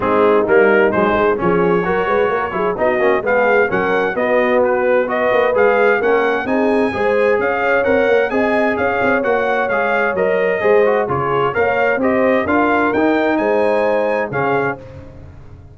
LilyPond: <<
  \new Staff \with { instrumentName = "trumpet" } { \time 4/4 \tempo 4 = 130 gis'4 ais'4 c''4 cis''4~ | cis''2 dis''4 f''4 | fis''4 dis''4 b'4 dis''4 | f''4 fis''4 gis''2 |
f''4 fis''4 gis''4 f''4 | fis''4 f''4 dis''2 | cis''4 f''4 dis''4 f''4 | g''4 gis''2 f''4 | }
  \new Staff \with { instrumentName = "horn" } { \time 4/4 dis'2. gis'4 | ais'8 b'8 ais'8 gis'8 fis'4 gis'4 | ais'4 fis'2 b'4~ | b'4 ais'4 gis'4 c''4 |
cis''2 dis''4 cis''4~ | cis''2. c''4 | gis'4 cis''4 c''4 ais'4~ | ais'4 c''2 gis'4 | }
  \new Staff \with { instrumentName = "trombone" } { \time 4/4 c'4 ais4 gis4 cis'4 | fis'4. e'8 dis'8 cis'8 b4 | cis'4 b2 fis'4 | gis'4 cis'4 dis'4 gis'4~ |
gis'4 ais'4 gis'2 | fis'4 gis'4 ais'4 gis'8 fis'8 | f'4 ais'4 g'4 f'4 | dis'2. cis'4 | }
  \new Staff \with { instrumentName = "tuba" } { \time 4/4 gis4 g4 fis8 gis8 f4 | fis8 gis8 ais8 fis8 b8 ais8 gis4 | fis4 b2~ b8 ais8 | gis4 ais4 c'4 gis4 |
cis'4 c'8 ais8 c'4 cis'8 c'8 | ais4 gis4 fis4 gis4 | cis4 ais4 c'4 d'4 | dis'4 gis2 cis4 | }
>>